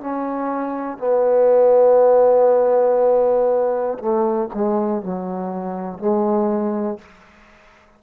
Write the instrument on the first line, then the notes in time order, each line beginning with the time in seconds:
trombone
0.00 C#4
0.98 B3
3.99 A3
4.54 G#3
5.02 F#3
5.98 G#3